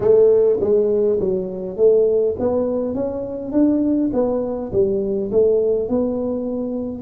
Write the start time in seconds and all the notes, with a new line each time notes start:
0.00 A3
0.60 G#3
1.19 F#3
1.76 A3
2.39 B3
2.94 C#4
3.51 D4
4.13 B3
4.72 G3
5.32 A3
5.88 B3